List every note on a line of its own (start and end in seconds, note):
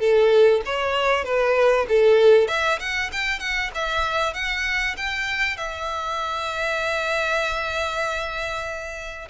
0.00 0.62 A4
0.66 1.25 C#5
1.25 1.86 B4
1.89 2.48 A4
2.48 2.79 E5
2.80 3.11 F#5
3.13 3.40 G5
3.40 3.71 F#5
3.75 4.34 E5
4.34 4.96 F#5
4.97 5.57 G5
5.57 9.28 E5